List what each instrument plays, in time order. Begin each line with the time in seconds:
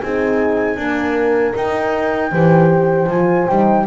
0.00 double bass C4, horn D#4 G#4, flute G#5
0.76 horn A#3 A#4, double bass D4
1.55 double bass D#4, horn D#4, flute G5
2.31 double bass E3, horn G4 C5
3.07 double bass F3, horn F4, flute G#5
3.48 double bass G3, horn D#4, flute G5